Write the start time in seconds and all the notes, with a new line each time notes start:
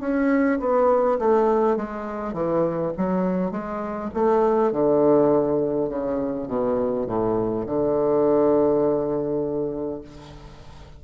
0.00 C#4
0.60 B3
1.19 A3
1.76 G#3
2.33 E3
2.97 F#3
3.51 G#3
4.14 A3
4.72 D3
5.89 C#3
6.48 B2
7.06 A2
7.66 D3